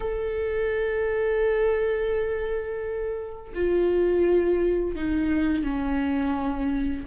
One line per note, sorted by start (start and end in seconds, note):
0.00 3.53 A4
3.54 4.95 F4
4.95 5.63 D#4
5.63 7.04 C#4